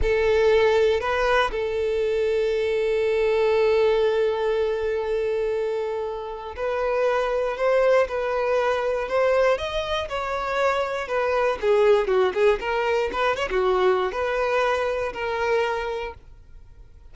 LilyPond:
\new Staff \with { instrumentName = "violin" } { \time 4/4 \tempo 4 = 119 a'2 b'4 a'4~ | a'1~ | a'1~ | a'4 b'2 c''4 |
b'2 c''4 dis''4 | cis''2 b'4 gis'4 | fis'8 gis'8 ais'4 b'8 cis''16 fis'4~ fis'16 | b'2 ais'2 | }